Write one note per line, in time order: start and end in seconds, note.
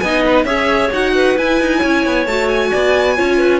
0.00 0.45 B3
0.00 0.47 D#4
0.00 0.46 D#5
0.00 0.23 G#5
0.25 0.45 B4
0.45 0.90 C#4
0.45 0.92 G#4
0.45 1.14 C#5
0.45 0.90 E5
0.92 1.37 D#4
0.92 1.38 F#4
0.92 1.38 F#5
1.15 1.79 B4
1.38 2.28 E4
1.38 1.61 E4
1.38 2.27 G#5
1.61 1.83 D#4
1.79 2.06 C#4
1.79 2.70 C#5
2.06 2.26 B3
2.26 2.71 A3
2.26 3.17 F#4
2.26 2.49 A5
2.49 3.60 G#5
2.72 3.19 B3
2.72 3.17 D5
3.17 3.60 C#4
3.17 3.60 F4
3.17 3.38 C#5
3.38 3.60 B4